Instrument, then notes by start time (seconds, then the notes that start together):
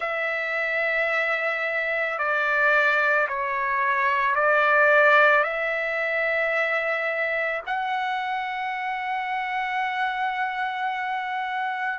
trumpet
0.00 E5
2.18 D5
3.28 C#5
4.35 D5
5.43 E5
7.66 F#5